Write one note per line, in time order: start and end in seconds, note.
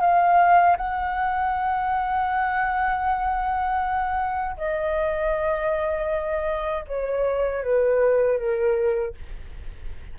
0.00 0.76 F5
0.77 4.56 F#5
4.56 6.84 D#5
6.87 7.63 C#5
7.63 8.38 B4
8.38 9.14 A#4